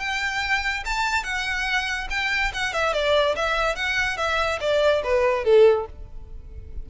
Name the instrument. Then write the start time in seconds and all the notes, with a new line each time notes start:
violin
0.00 G5
0.86 A5
1.24 F#5
2.11 G5
2.54 F#5
2.73 E5
2.94 D5
3.36 E5
3.76 F#5
4.18 E5
4.61 D5
5.04 B4
5.45 A4